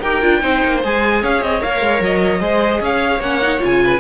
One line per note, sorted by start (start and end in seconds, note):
0.00 0.22 D#4
0.00 0.22 G4
0.00 0.40 A#4
0.00 0.82 G5
0.22 0.42 D4
0.22 0.41 F4
0.41 0.62 C4
0.41 0.81 D#4
0.41 1.22 C5
0.64 0.84 A#3
0.84 1.22 G#3
0.84 1.60 G#4
0.84 1.24 G#5
1.22 1.42 C#4
1.22 2.41 C#5
1.22 1.43 F5
1.42 1.62 C4
1.42 1.62 D#5
1.60 1.81 A#3
1.60 2.40 A#4
1.60 2.03 F5
1.81 2.00 G#3
2.00 2.40 F#3
2.00 2.84 D#5
2.40 2.80 G#3
2.40 3.20 G#4
2.40 2.81 C5
2.81 3.20 C#4
2.81 3.83 C#5
2.81 3.22 F5
3.20 3.60 A#3
3.20 3.42 C#4
3.20 3.62 F#5
3.42 3.59 D#4
3.59 4.00 C#3
3.59 3.99 F4
3.65 4.00 G#5
3.84 4.00 B4